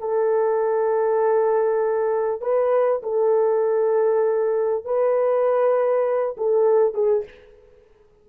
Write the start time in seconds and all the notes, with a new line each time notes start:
0.00 A4
2.42 B4
3.03 A4
4.85 B4
6.37 A4
6.94 G#4